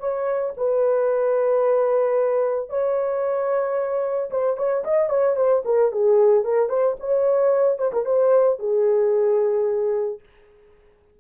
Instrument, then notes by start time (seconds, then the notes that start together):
horn
0.00 C#5
0.57 B4
2.70 C#5
4.31 C5
4.58 C#5
4.85 D#5
5.10 C#5
5.36 C5
5.65 A#4
5.92 G#4
6.45 A#4
6.69 C5
7.00 C#5
7.78 C5
7.93 A#4
8.06 C5
8.59 G#4